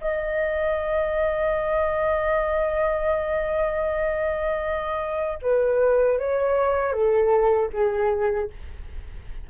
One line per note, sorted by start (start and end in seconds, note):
0.00 5.38 D#5
5.41 6.18 B4
6.18 6.92 C#5
6.92 7.69 A4
7.72 8.49 G#4